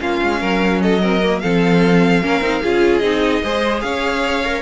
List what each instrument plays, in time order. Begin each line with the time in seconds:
0.00 cello A#3, viola C#4, violin F4 F5
0.23 cello G#3
0.41 cello F#3, violin A#4
0.82 violin A4 D#5
1.02 viola C4, violin A#4
1.23 viola A#3
1.40 cello F3, viola C4, violin A4 F5
2.22 cello A#3, viola C#4, violin A#4
2.42 cello C4, viola D#4
2.63 cello C#4, viola F4, violin G#4
2.98 cello C4, viola D#4, violin D#5
3.43 cello G#3, viola G#4, violin C5
3.82 cello C#4, violin C#5 F5
4.45 viola A#4